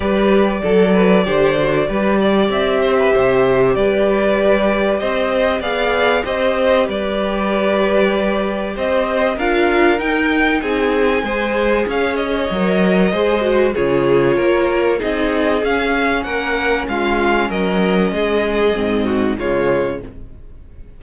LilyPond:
<<
  \new Staff \with { instrumentName = "violin" } { \time 4/4 \tempo 4 = 96 d''1 | e''2 d''2 | dis''4 f''4 dis''4 d''4~ | d''2 dis''4 f''4 |
g''4 gis''2 f''8 dis''8~ | dis''2 cis''2 | dis''4 f''4 fis''4 f''4 | dis''2. cis''4 | }
  \new Staff \with { instrumentName = "violin" } { \time 4/4 b'4 a'8 b'8 c''4 b'8 d''8~ | d''8 c''16 b'16 c''4 b'2 | c''4 d''4 c''4 b'4~ | b'2 c''4 ais'4~ |
ais'4 gis'4 c''4 cis''4~ | cis''4 c''4 gis'4 ais'4 | gis'2 ais'4 f'4 | ais'4 gis'4. fis'8 f'4 | }
  \new Staff \with { instrumentName = "viola" } { \time 4/4 g'4 a'4 g'8 fis'8 g'4~ | g'1~ | g'4 gis'4 g'2~ | g'2. f'4 |
dis'2 gis'2 | ais'4 gis'8 fis'8 f'2 | dis'4 cis'2.~ | cis'2 c'4 gis4 | }
  \new Staff \with { instrumentName = "cello" } { \time 4/4 g4 fis4 d4 g4 | c'4 c4 g2 | c'4 b4 c'4 g4~ | g2 c'4 d'4 |
dis'4 c'4 gis4 cis'4 | fis4 gis4 cis4 ais4 | c'4 cis'4 ais4 gis4 | fis4 gis4 gis,4 cis4 | }
>>